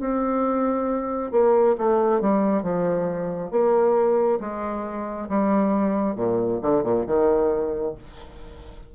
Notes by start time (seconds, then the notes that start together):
0.00 C4
1.32 A#3
1.78 A3
2.21 G3
2.63 F3
3.51 A#3
4.40 G#3
5.29 G3
6.16 A#2
6.62 D3
6.83 A#2
7.07 D#3